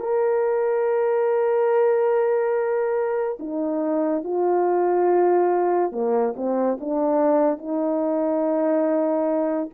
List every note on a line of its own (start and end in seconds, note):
0.00 3.38 A#4
3.39 4.24 D#4
4.24 5.92 F4
5.92 6.34 A#3
6.36 6.78 C4
6.80 7.58 D4
7.58 9.70 D#4